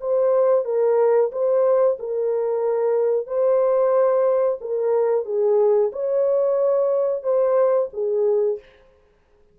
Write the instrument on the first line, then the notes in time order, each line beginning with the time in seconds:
horn
0.00 C5
0.64 A#4
1.32 C5
1.99 A#4
3.26 C5
4.60 A#4
5.25 G#4
5.92 C#5
7.23 C5
7.93 G#4